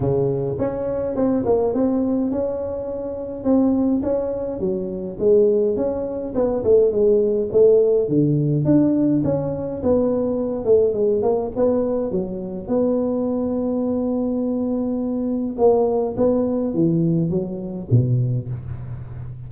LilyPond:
\new Staff \with { instrumentName = "tuba" } { \time 4/4 \tempo 4 = 104 cis4 cis'4 c'8 ais8 c'4 | cis'2 c'4 cis'4 | fis4 gis4 cis'4 b8 a8 | gis4 a4 d4 d'4 |
cis'4 b4. a8 gis8 ais8 | b4 fis4 b2~ | b2. ais4 | b4 e4 fis4 b,4 | }